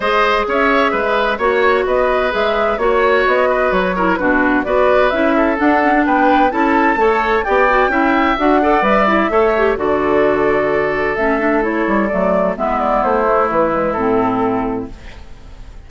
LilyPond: <<
  \new Staff \with { instrumentName = "flute" } { \time 4/4 \tempo 4 = 129 dis''4 e''2 cis''4 | dis''4 e''4 cis''4 dis''4 | cis''4 b'4 d''4 e''4 | fis''4 g''4 a''2 |
g''2 fis''4 e''4~ | e''4 d''2. | e''4 cis''4 d''4 e''8 d''8 | c''4 b'4 a'2 | }
  \new Staff \with { instrumentName = "oboe" } { \time 4/4 c''4 cis''4 b'4 cis''4 | b'2 cis''4. b'8~ | b'8 ais'8 fis'4 b'4. a'8~ | a'4 b'4 a'4 cis''4 |
d''4 e''4. d''4. | cis''4 a'2.~ | a'2. e'4~ | e'1 | }
  \new Staff \with { instrumentName = "clarinet" } { \time 4/4 gis'2. fis'4~ | fis'4 gis'4 fis'2~ | fis'8 e'8 d'4 fis'4 e'4 | d'8 cis'16 d'4~ d'16 e'4 a'4 |
g'8 fis'8 e'4 fis'8 a'8 b'8 e'8 | a'8 g'8 fis'2. | cis'8 d'8 e'4 a4 b4~ | b8 a4 gis8 c'2 | }
  \new Staff \with { instrumentName = "bassoon" } { \time 4/4 gis4 cis'4 gis4 ais4 | b4 gis4 ais4 b4 | fis4 b,4 b4 cis'4 | d'4 b4 cis'4 a4 |
b4 cis'4 d'4 g4 | a4 d2. | a4. g8 fis4 gis4 | a4 e4 a,2 | }
>>